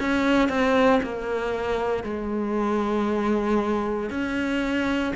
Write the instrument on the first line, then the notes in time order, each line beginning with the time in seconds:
cello
0.00 C#4
0.49 C4
1.03 A#3
2.04 G#3
4.10 C#4